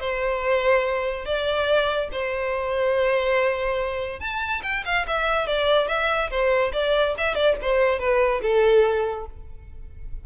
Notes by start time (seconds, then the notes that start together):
0.00 C5
1.25 D5
2.12 C5
4.20 A5
4.63 G5
4.85 F5
5.07 E5
5.47 D5
5.88 E5
6.30 C5
6.73 D5
7.17 E5
7.35 D5
7.62 C5
7.99 B4
8.42 A4